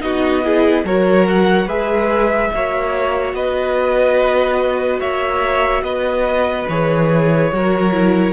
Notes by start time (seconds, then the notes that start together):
0.00 B3 D#4 F#4 D#5
0.43 E4 G#4
0.84 F#3 F#4 A#4 C#5
1.28 F#5
1.66 G#3 G#4 B4 E5
2.54 A#3 F#4 C#5
3.33 B3 B4 D#5
5.00 A#3 C#5 E5
5.83 B3 B4 D#5
6.68 E3 G#4 C#5
7.52 F#3 F#4 A#4
7.92 E4